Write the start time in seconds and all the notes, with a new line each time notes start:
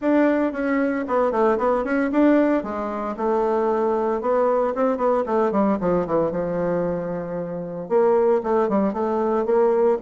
0.01 D4
0.52 C#4
1.07 B3
1.31 A3
1.58 B3
1.84 C#4
2.11 D4
2.63 G#3
3.16 A3
4.21 B3
4.74 C4
4.97 B3
5.26 A3
5.51 G3
5.80 F3
6.06 E3
6.31 F3
7.88 A#3
8.43 A3
8.68 G3
8.93 A3
9.45 A#3